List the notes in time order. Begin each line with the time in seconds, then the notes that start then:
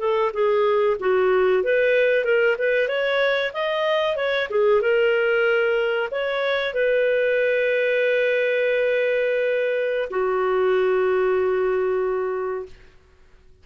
0.00 A4
0.33 G#4
1.00 F#4
1.63 B4
2.24 A#4
2.58 B4
2.88 C#5
3.53 D#5
4.16 C#5
4.50 G#4
4.81 A#4
6.11 C#5
6.74 B4
10.10 F#4